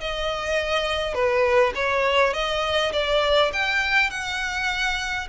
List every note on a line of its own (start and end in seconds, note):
0.00 1.14 D#5
1.14 1.73 B4
1.75 2.33 C#5
2.33 2.92 D#5
2.93 3.51 D5
3.53 4.10 G5
4.10 5.27 F#5